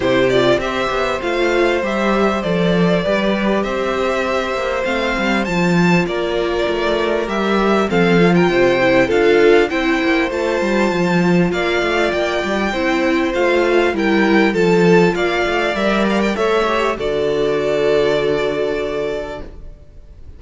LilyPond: <<
  \new Staff \with { instrumentName = "violin" } { \time 4/4 \tempo 4 = 99 c''8 d''8 e''4 f''4 e''4 | d''2 e''2 | f''4 a''4 d''2 | e''4 f''8. g''4~ g''16 f''4 |
g''4 a''2 f''4 | g''2 f''4 g''4 | a''4 f''4 e''8 f''16 g''16 e''4 | d''1 | }
  \new Staff \with { instrumentName = "violin" } { \time 4/4 g'4 c''2.~ | c''4 b'4 c''2~ | c''2 ais'2~ | ais'4 a'8. ais'16 c''4 a'4 |
c''2. d''4~ | d''4 c''2 ais'4 | a'4 d''2 cis''4 | a'1 | }
  \new Staff \with { instrumentName = "viola" } { \time 4/4 e'8 f'8 g'4 f'4 g'4 | a'4 g'2. | c'4 f'2. | g'4 c'8 f'4 e'8 f'4 |
e'4 f'2.~ | f'4 e'4 f'4 e'4 | f'2 ais'4 a'8 g'8 | fis'1 | }
  \new Staff \with { instrumentName = "cello" } { \time 4/4 c4 c'8 b8 a4 g4 | f4 g4 c'4. ais8 | a8 g8 f4 ais4 a4 | g4 f4 c4 d'4 |
c'8 ais8 a8 g8 f4 ais8 a8 | ais8 g8 c'4 a4 g4 | f4 ais8 a8 g4 a4 | d1 | }
>>